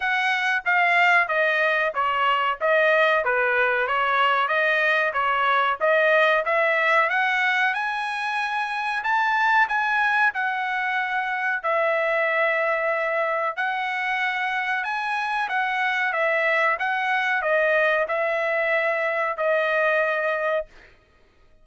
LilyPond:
\new Staff \with { instrumentName = "trumpet" } { \time 4/4 \tempo 4 = 93 fis''4 f''4 dis''4 cis''4 | dis''4 b'4 cis''4 dis''4 | cis''4 dis''4 e''4 fis''4 | gis''2 a''4 gis''4 |
fis''2 e''2~ | e''4 fis''2 gis''4 | fis''4 e''4 fis''4 dis''4 | e''2 dis''2 | }